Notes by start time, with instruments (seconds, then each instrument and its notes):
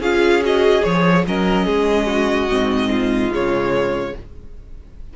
0.00 cello C#4, viola F4, violin G#4 F5
0.42 viola F#4, violin D#5
0.84 cello F3, viola G#4, violin C#5
1.27 cello F#3, viola C#4, violin A#4 D#5
1.66 cello G#3, violin G#4
2.07 violin F#4
2.50 cello G#2, viola C4
2.91 violin F4
3.31 cello C#3, viola G#3, violin C#5